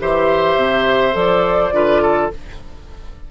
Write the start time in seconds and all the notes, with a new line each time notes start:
0.00 E3 G4 C5 E5
0.56 C3
1.13 F3 A4 D5
1.73 D3 F4 B4
2.02 A4